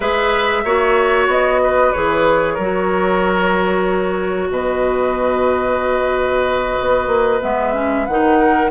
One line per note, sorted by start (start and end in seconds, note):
0.00 0.64 G#3
0.00 0.65 G#4
0.00 0.62 B4
0.00 1.27 E5
0.64 1.27 A#3
0.64 1.94 F#4
0.64 1.61 C#5
1.27 1.91 B3
1.27 1.92 D#5
1.63 2.54 B4
1.92 2.58 E3
1.92 2.58 G#4
1.92 4.50 C#5
2.54 4.50 F#3
2.54 4.47 A#4
2.60 7.42 F#4
4.50 6.75 B2
4.50 8.39 B4
4.50 7.41 D#5
6.80 7.07 B3
7.07 7.39 A#3
7.41 8.08 G#3
7.41 7.73 B3
7.41 8.06 E5
7.73 8.06 C#4
8.06 8.70 D#3
8.06 8.70 D#4
8.06 8.70 F#5
8.39 8.70 A#4